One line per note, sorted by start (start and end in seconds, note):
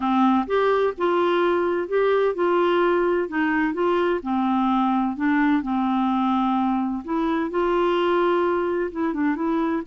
0.00 0.45 C4
0.46 0.93 G4
0.97 1.87 F4
1.87 2.34 G4
2.34 3.28 F4
3.28 3.73 D#4
3.73 4.20 F4
4.23 5.16 C4
5.16 5.62 D4
5.62 7.03 C4
7.04 7.50 E4
7.50 8.91 F4
8.91 9.13 E4
9.13 9.35 D4
9.35 9.82 E4